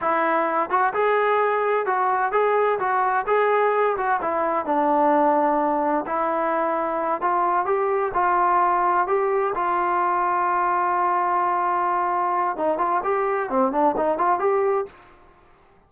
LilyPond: \new Staff \with { instrumentName = "trombone" } { \time 4/4 \tempo 4 = 129 e'4. fis'8 gis'2 | fis'4 gis'4 fis'4 gis'4~ | gis'8 fis'8 e'4 d'2~ | d'4 e'2~ e'8 f'8~ |
f'8 g'4 f'2 g'8~ | g'8 f'2.~ f'8~ | f'2. dis'8 f'8 | g'4 c'8 d'8 dis'8 f'8 g'4 | }